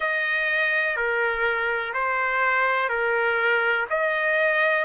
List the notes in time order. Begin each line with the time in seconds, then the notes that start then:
0.00 D#5
0.96 A#4
1.93 C5
2.89 A#4
3.89 D#5